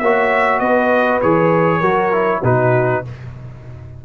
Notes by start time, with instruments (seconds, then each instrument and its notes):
0.00 tuba A#3, trombone F#4, horn C#5, trumpet E5
0.60 tuba B3, horn B4, trumpet D#5
1.22 tuba E3, trombone G#4, trumpet C#5
1.80 tuba F#3, trombone F#4, horn A#4
2.13 trombone E4
2.44 tuba B2, trombone D#4, horn F#4, trumpet B4